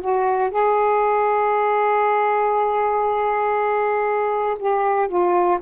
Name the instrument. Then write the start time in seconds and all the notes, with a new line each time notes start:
saxophone
0.00 F#4
0.50 G#4
4.59 G4
5.08 F4